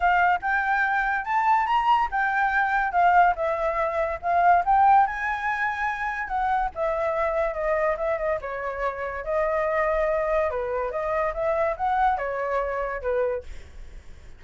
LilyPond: \new Staff \with { instrumentName = "flute" } { \time 4/4 \tempo 4 = 143 f''4 g''2 a''4 | ais''4 g''2 f''4 | e''2 f''4 g''4 | gis''2. fis''4 |
e''2 dis''4 e''8 dis''8 | cis''2 dis''2~ | dis''4 b'4 dis''4 e''4 | fis''4 cis''2 b'4 | }